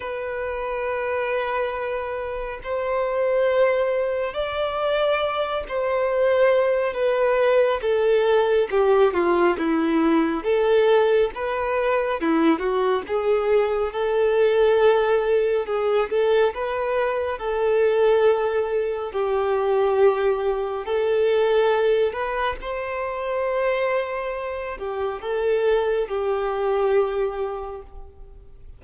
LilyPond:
\new Staff \with { instrumentName = "violin" } { \time 4/4 \tempo 4 = 69 b'2. c''4~ | c''4 d''4. c''4. | b'4 a'4 g'8 f'8 e'4 | a'4 b'4 e'8 fis'8 gis'4 |
a'2 gis'8 a'8 b'4 | a'2 g'2 | a'4. b'8 c''2~ | c''8 g'8 a'4 g'2 | }